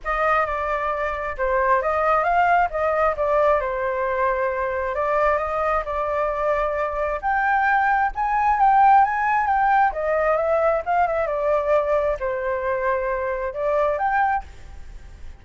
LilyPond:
\new Staff \with { instrumentName = "flute" } { \time 4/4 \tempo 4 = 133 dis''4 d''2 c''4 | dis''4 f''4 dis''4 d''4 | c''2. d''4 | dis''4 d''2. |
g''2 gis''4 g''4 | gis''4 g''4 dis''4 e''4 | f''8 e''8 d''2 c''4~ | c''2 d''4 g''4 | }